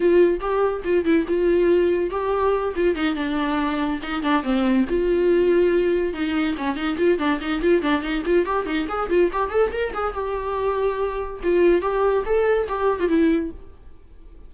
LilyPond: \new Staff \with { instrumentName = "viola" } { \time 4/4 \tempo 4 = 142 f'4 g'4 f'8 e'8 f'4~ | f'4 g'4. f'8 dis'8 d'8~ | d'4. dis'8 d'8 c'4 f'8~ | f'2~ f'8 dis'4 cis'8 |
dis'8 f'8 d'8 dis'8 f'8 d'8 dis'8 f'8 | g'8 dis'8 gis'8 f'8 g'8 a'8 ais'8 gis'8 | g'2. f'4 | g'4 a'4 g'8. f'16 e'4 | }